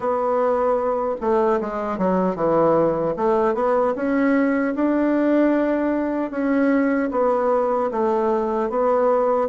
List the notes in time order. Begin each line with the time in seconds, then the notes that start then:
0.00 B3
1.20 A3
1.60 G#3
1.98 F#3
2.35 E3
3.16 A3
3.54 B3
3.95 C#4
4.75 D4
6.31 C#4
7.11 B3
7.91 A3
8.69 B3